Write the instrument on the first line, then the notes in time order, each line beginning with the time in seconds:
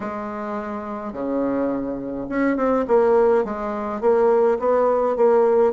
bassoon
0.00 G#3
1.12 C#3
2.29 C#4
2.56 C4
2.87 A#3
3.44 G#3
4.00 A#3
4.59 B3
5.16 A#3